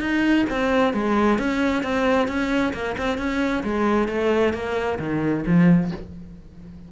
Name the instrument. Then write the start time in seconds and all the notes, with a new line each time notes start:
cello
0.00 D#4
0.49 C4
0.93 G#3
1.38 C#4
1.83 C4
2.28 C#4
2.73 A#3
2.98 C4
3.18 C#4
3.63 G#3
4.08 A3
4.53 A#3
4.99 D#3
5.46 F3